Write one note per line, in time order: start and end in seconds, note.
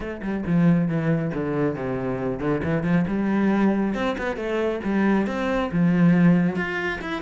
0.00 0.21 A3
0.22 0.44 G3
0.46 0.88 F3
0.88 1.31 E3
1.34 1.75 D3
1.75 2.39 C3
2.39 2.61 D3
2.63 2.83 E3
2.83 3.05 F3
3.07 3.94 G3
3.94 4.16 C4
4.18 4.36 B3
4.36 4.80 A3
4.84 5.26 G3
5.26 5.70 C4
5.72 6.56 F3
6.56 6.99 F4
7.01 7.22 E4